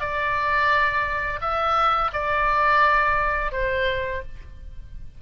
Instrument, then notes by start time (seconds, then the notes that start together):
oboe
0.00 D5
1.41 E5
2.12 D5
3.52 C5